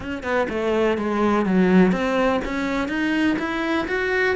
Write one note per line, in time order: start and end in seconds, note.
0.00 0.23 C#4
0.23 0.47 B3
0.49 0.97 A3
0.97 1.45 G#3
1.45 1.92 F#3
1.92 2.40 C4
2.44 2.88 C#4
2.88 3.36 D#4
3.38 3.87 E4
3.87 4.35 F#4